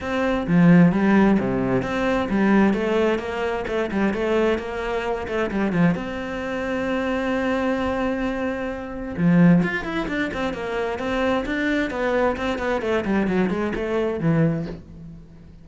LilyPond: \new Staff \with { instrumentName = "cello" } { \time 4/4 \tempo 4 = 131 c'4 f4 g4 c4 | c'4 g4 a4 ais4 | a8 g8 a4 ais4. a8 | g8 f8 c'2.~ |
c'1 | f4 f'8 e'8 d'8 c'8 ais4 | c'4 d'4 b4 c'8 b8 | a8 g8 fis8 gis8 a4 e4 | }